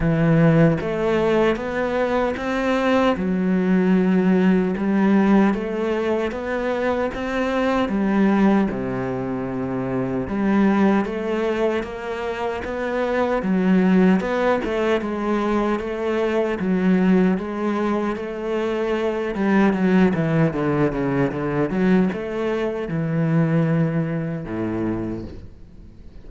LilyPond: \new Staff \with { instrumentName = "cello" } { \time 4/4 \tempo 4 = 76 e4 a4 b4 c'4 | fis2 g4 a4 | b4 c'4 g4 c4~ | c4 g4 a4 ais4 |
b4 fis4 b8 a8 gis4 | a4 fis4 gis4 a4~ | a8 g8 fis8 e8 d8 cis8 d8 fis8 | a4 e2 a,4 | }